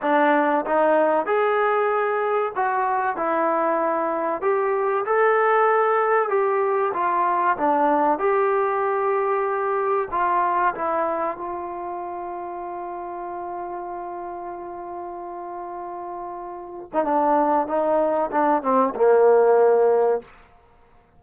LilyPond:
\new Staff \with { instrumentName = "trombone" } { \time 4/4 \tempo 4 = 95 d'4 dis'4 gis'2 | fis'4 e'2 g'4 | a'2 g'4 f'4 | d'4 g'2. |
f'4 e'4 f'2~ | f'1~ | f'2~ f'8. dis'16 d'4 | dis'4 d'8 c'8 ais2 | }